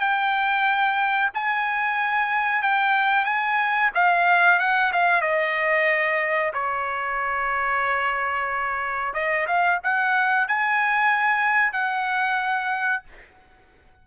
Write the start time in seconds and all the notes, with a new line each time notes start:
0.00 G5
1.35 G#5
2.62 G5
3.25 G#5
3.95 F5
4.59 F#5
4.93 F5
5.22 D#5
6.54 C#5
9.14 D#5
9.47 F5
9.84 F#5
10.48 G#5
11.73 F#5